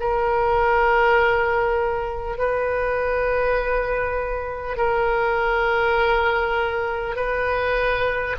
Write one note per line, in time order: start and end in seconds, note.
0.00 2.37 A#4
2.37 4.77 B4
4.77 7.16 A#4
7.16 8.36 B4